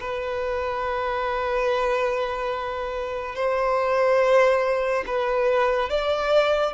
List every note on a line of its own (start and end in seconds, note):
0.00 3.35 B4
3.35 5.04 C5
5.07 5.89 B4
5.89 6.73 D5